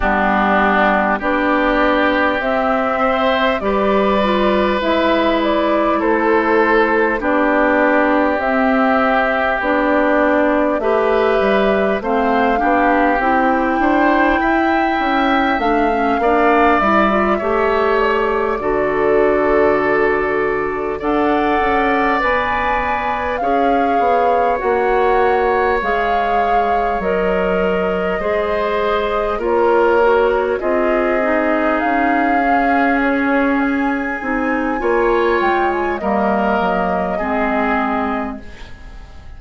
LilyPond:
<<
  \new Staff \with { instrumentName = "flute" } { \time 4/4 \tempo 4 = 50 g'4 d''4 e''4 d''4 | e''8 d''8 c''4 d''4 e''4 | d''4 e''4 f''4 g''4~ | g''4 f''4 e''4 d''4~ |
d''4. fis''4 gis''4 f''8~ | f''8 fis''4 f''4 dis''4.~ | dis''8 cis''4 dis''4 f''4 cis''8 | gis''4. g''16 gis''16 dis''2 | }
  \new Staff \with { instrumentName = "oboe" } { \time 4/4 d'4 g'4. c''8 b'4~ | b'4 a'4 g'2~ | g'4 b'4 c''8 g'4 c''8 | e''4. d''4 cis''4 a'8~ |
a'4. d''2 cis''8~ | cis''2.~ cis''8 c''8~ | c''8 ais'4 gis'2~ gis'8~ | gis'4 cis''4 ais'4 gis'4 | }
  \new Staff \with { instrumentName = "clarinet" } { \time 4/4 b4 d'4 c'4 g'8 f'8 | e'2 d'4 c'4 | d'4 g'4 c'8 d'8 e'4~ | e'4 d'16 cis'16 d'8 e'16 f'16 g'4 fis'8~ |
fis'4. a'4 b'4 gis'8~ | gis'8 fis'4 gis'4 ais'4 gis'8~ | gis'8 f'8 fis'8 f'8 dis'4 cis'4~ | cis'8 dis'8 f'4 ais4 c'4 | }
  \new Staff \with { instrumentName = "bassoon" } { \time 4/4 g4 b4 c'4 g4 | gis4 a4 b4 c'4 | b4 a8 g8 a8 b8 c'8 d'8 | e'8 cis'8 a8 ais8 g8 a4 d8~ |
d4. d'8 cis'8 b4 cis'8 | b8 ais4 gis4 fis4 gis8~ | gis8 ais4 c'4 cis'4.~ | cis'8 c'8 ais8 gis8 g8 fis8 gis4 | }
>>